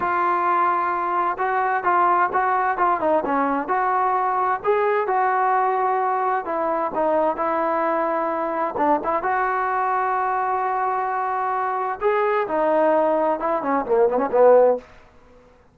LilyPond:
\new Staff \with { instrumentName = "trombone" } { \time 4/4 \tempo 4 = 130 f'2. fis'4 | f'4 fis'4 f'8 dis'8 cis'4 | fis'2 gis'4 fis'4~ | fis'2 e'4 dis'4 |
e'2. d'8 e'8 | fis'1~ | fis'2 gis'4 dis'4~ | dis'4 e'8 cis'8 ais8 b16 cis'16 b4 | }